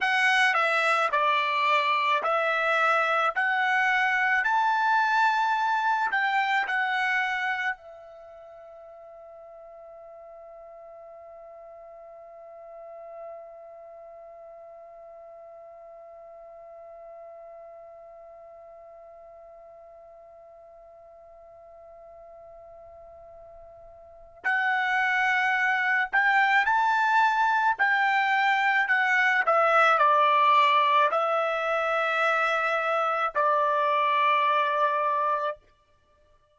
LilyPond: \new Staff \with { instrumentName = "trumpet" } { \time 4/4 \tempo 4 = 54 fis''8 e''8 d''4 e''4 fis''4 | a''4. g''8 fis''4 e''4~ | e''1~ | e''1~ |
e''1~ | e''2 fis''4. g''8 | a''4 g''4 fis''8 e''8 d''4 | e''2 d''2 | }